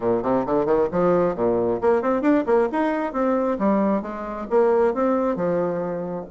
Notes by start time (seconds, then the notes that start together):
0.00 A#2
0.22 C3
0.46 D3
0.65 D#3
0.91 F3
1.35 A#2
1.81 A#3
2.02 C4
2.21 D4
2.46 A#3
2.72 D#4
3.12 C4
3.59 G3
4.02 G#3
4.50 A#3
4.94 C4
5.35 F3